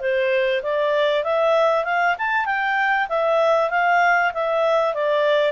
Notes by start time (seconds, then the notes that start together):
0.00 C5
0.62 D5
1.24 E5
1.85 F5
2.18 A5
2.45 G5
3.09 E5
3.70 F5
4.34 E5
4.94 D5